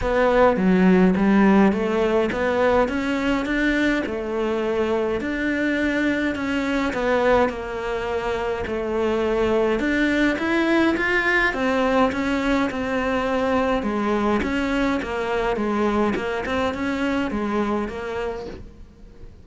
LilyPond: \new Staff \with { instrumentName = "cello" } { \time 4/4 \tempo 4 = 104 b4 fis4 g4 a4 | b4 cis'4 d'4 a4~ | a4 d'2 cis'4 | b4 ais2 a4~ |
a4 d'4 e'4 f'4 | c'4 cis'4 c'2 | gis4 cis'4 ais4 gis4 | ais8 c'8 cis'4 gis4 ais4 | }